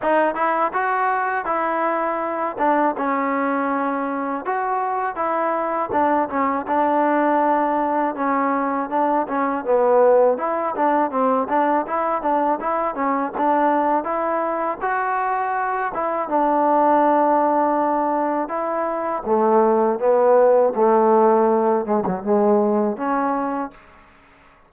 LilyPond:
\new Staff \with { instrumentName = "trombone" } { \time 4/4 \tempo 4 = 81 dis'8 e'8 fis'4 e'4. d'8 | cis'2 fis'4 e'4 | d'8 cis'8 d'2 cis'4 | d'8 cis'8 b4 e'8 d'8 c'8 d'8 |
e'8 d'8 e'8 cis'8 d'4 e'4 | fis'4. e'8 d'2~ | d'4 e'4 a4 b4 | a4. gis16 fis16 gis4 cis'4 | }